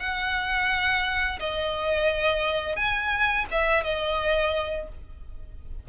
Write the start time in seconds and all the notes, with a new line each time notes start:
0.00 F#5
1.40 D#5
2.77 G#5
3.52 E5
3.84 D#5